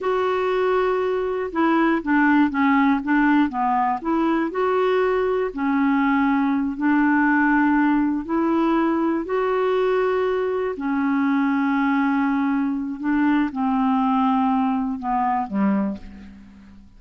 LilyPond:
\new Staff \with { instrumentName = "clarinet" } { \time 4/4 \tempo 4 = 120 fis'2. e'4 | d'4 cis'4 d'4 b4 | e'4 fis'2 cis'4~ | cis'4. d'2~ d'8~ |
d'8 e'2 fis'4.~ | fis'4. cis'2~ cis'8~ | cis'2 d'4 c'4~ | c'2 b4 g4 | }